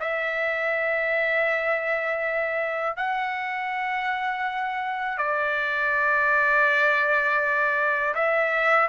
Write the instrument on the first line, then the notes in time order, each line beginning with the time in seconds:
trumpet
0.00 E5
2.96 F#5
5.18 D5
8.14 E5